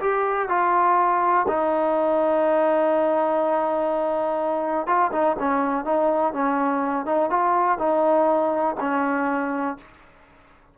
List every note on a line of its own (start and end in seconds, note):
0.00 0.49 G4
0.49 1.46 F4
1.48 4.87 D#4
4.87 5.11 F4
5.12 5.36 D#4
5.39 5.85 C#4
5.85 6.33 D#4
6.33 7.06 C#4
7.06 7.30 D#4
7.30 7.78 F4
7.78 8.76 D#4
8.80 9.77 C#4